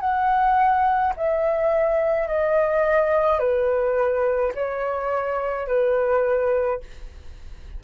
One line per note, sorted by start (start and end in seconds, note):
0.00 1.13 F#5
1.16 2.27 E5
2.27 3.39 D#5
3.39 4.52 B4
4.54 5.67 C#5
5.67 6.80 B4